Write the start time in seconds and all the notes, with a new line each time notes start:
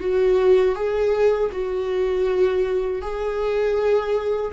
0.00 F#4
0.75 G#4
1.52 F#4
3.01 G#4